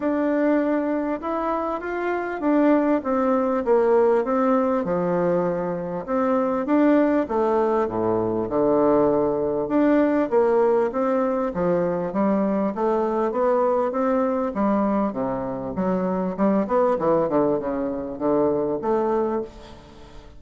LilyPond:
\new Staff \with { instrumentName = "bassoon" } { \time 4/4 \tempo 4 = 99 d'2 e'4 f'4 | d'4 c'4 ais4 c'4 | f2 c'4 d'4 | a4 a,4 d2 |
d'4 ais4 c'4 f4 | g4 a4 b4 c'4 | g4 c4 fis4 g8 b8 | e8 d8 cis4 d4 a4 | }